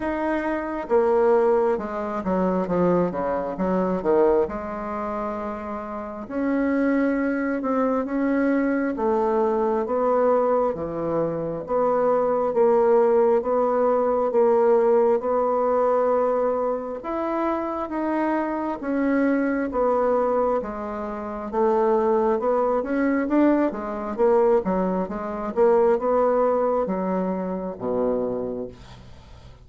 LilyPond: \new Staff \with { instrumentName = "bassoon" } { \time 4/4 \tempo 4 = 67 dis'4 ais4 gis8 fis8 f8 cis8 | fis8 dis8 gis2 cis'4~ | cis'8 c'8 cis'4 a4 b4 | e4 b4 ais4 b4 |
ais4 b2 e'4 | dis'4 cis'4 b4 gis4 | a4 b8 cis'8 d'8 gis8 ais8 fis8 | gis8 ais8 b4 fis4 b,4 | }